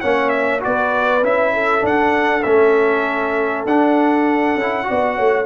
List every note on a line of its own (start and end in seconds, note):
0.00 0.64 A#3
0.00 0.60 C#4
0.00 0.61 C#5
0.00 0.29 F#5
0.29 0.59 E5
0.60 1.20 F#4
0.60 1.24 D5
0.66 1.22 B3
0.66 1.53 B4
1.22 1.83 C#4
1.22 1.81 E4
1.22 1.85 E5
1.53 4.87 A4
1.81 2.41 D4
1.81 2.44 D4
1.81 2.42 F#5
2.42 3.65 A3
2.42 3.67 C#4
2.42 3.64 E5
3.65 4.55 D4
3.65 4.59 D4
3.65 5.46 F#5
4.55 4.86 C#4
4.55 4.83 E4
4.83 5.44 F#4
4.83 5.16 D5
4.90 5.18 B3
5.16 5.46 A3
5.16 5.46 C#5